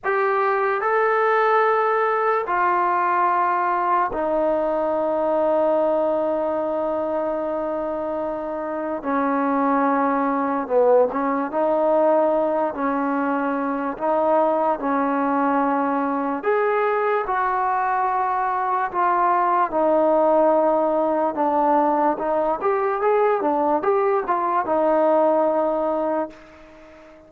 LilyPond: \new Staff \with { instrumentName = "trombone" } { \time 4/4 \tempo 4 = 73 g'4 a'2 f'4~ | f'4 dis'2.~ | dis'2. cis'4~ | cis'4 b8 cis'8 dis'4. cis'8~ |
cis'4 dis'4 cis'2 | gis'4 fis'2 f'4 | dis'2 d'4 dis'8 g'8 | gis'8 d'8 g'8 f'8 dis'2 | }